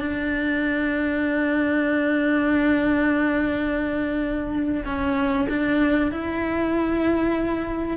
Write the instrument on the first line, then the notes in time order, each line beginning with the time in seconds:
cello
0.00 D4
4.85 C#4
5.49 D4
6.12 E4